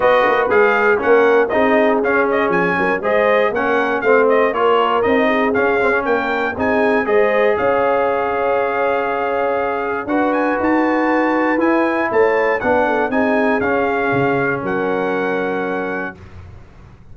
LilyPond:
<<
  \new Staff \with { instrumentName = "trumpet" } { \time 4/4 \tempo 4 = 119 dis''4 f''4 fis''4 dis''4 | f''8 dis''8 gis''4 dis''4 fis''4 | f''8 dis''8 cis''4 dis''4 f''4 | g''4 gis''4 dis''4 f''4~ |
f''1 | fis''8 gis''8 a''2 gis''4 | a''4 fis''4 gis''4 f''4~ | f''4 fis''2. | }
  \new Staff \with { instrumentName = "horn" } { \time 4/4 b'2 ais'4 gis'4~ | gis'4. ais'8 c''4 ais'4 | c''4 ais'4. gis'4. | ais'4 gis'4 c''4 cis''4~ |
cis''1 | b'1 | cis''4 b'8 a'8 gis'2~ | gis'4 ais'2. | }
  \new Staff \with { instrumentName = "trombone" } { \time 4/4 fis'4 gis'4 cis'4 dis'4 | cis'2 gis'4 cis'4 | c'4 f'4 dis'4 cis'8 c'16 cis'16~ | cis'4 dis'4 gis'2~ |
gis'1 | fis'2. e'4~ | e'4 d'4 dis'4 cis'4~ | cis'1 | }
  \new Staff \with { instrumentName = "tuba" } { \time 4/4 b8 ais8 gis4 ais4 c'4 | cis'4 f8 fis8 gis4 ais4 | a4 ais4 c'4 cis'4 | ais4 c'4 gis4 cis'4~ |
cis'1 | d'4 dis'2 e'4 | a4 b4 c'4 cis'4 | cis4 fis2. | }
>>